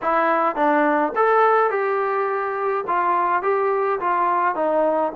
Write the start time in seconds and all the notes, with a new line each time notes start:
0.02 E4
0.55 D4
1.15 A4
1.70 G4
2.87 F4
3.42 G4
3.99 F4
4.55 D#4